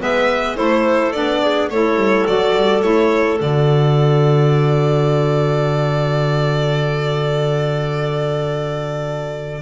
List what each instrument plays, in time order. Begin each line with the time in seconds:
0.00 double bass G#3, saxophone B3, clarinet B4, violin E5
0.55 double bass A3, saxophone E4, clarinet A4, violin C5
1.12 double bass B3, saxophone D4, violin D5
1.41 clarinet G#4
1.70 double bass A3, saxophone E4, clarinet A4, violin C#5
1.95 double bass G3
2.26 double bass F#3, saxophone F#4, violin D5
2.54 double bass G3
2.81 double bass A3, saxophone E4, violin C#5
3.38 double bass D3, saxophone F#4, violin D5